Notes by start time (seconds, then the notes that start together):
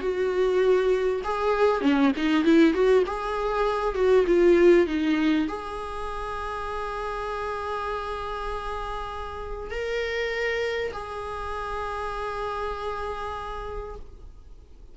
0.00 F#4
1.24 G#4
1.81 C#4
2.16 D#4
2.44 E4
2.73 F#4
3.06 G#4
3.94 F#4
4.27 F4
4.87 D#4
5.48 G#4
9.71 A#4
10.93 G#4